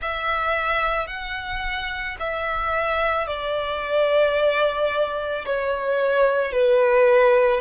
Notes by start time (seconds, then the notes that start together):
0.01 E5
1.07 F#5
2.19 E5
3.27 D5
5.45 C#5
6.52 B4